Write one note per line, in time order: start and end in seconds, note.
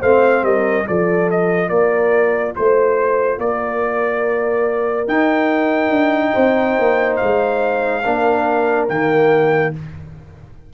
0.00 0.42 A3
0.00 0.85 C4
0.00 0.42 C5
0.00 0.44 F5
0.42 0.85 G3
0.42 0.86 A#4
0.42 0.86 D#5
0.85 1.69 F3
0.85 5.07 F4
0.85 1.70 A4
0.85 1.29 D5
1.30 1.69 D#5
1.69 2.54 A#3
1.69 2.54 A#4
1.69 2.53 D5
2.55 3.37 A3
2.55 3.40 C5
3.37 5.07 A#3
3.37 6.33 A#4
3.37 5.07 D5
5.07 5.89 D#4
5.07 8.03 D#4
5.07 7.16 G5
5.89 6.32 D4
6.33 6.78 C4
6.33 8.02 C5
6.79 7.21 A#3
7.16 8.85 F5
7.22 8.05 G#3
8.02 8.89 A#3
8.02 8.88 D4
8.02 9.71 A#4
8.88 9.73 D#3
8.88 9.73 A#3
8.88 9.73 G5